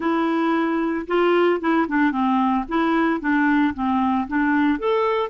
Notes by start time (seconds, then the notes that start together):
0.00 E4
1.07 F4
1.60 E4
1.88 D4
2.11 C4
2.68 E4
3.20 D4
3.74 C4
4.27 D4
4.78 A4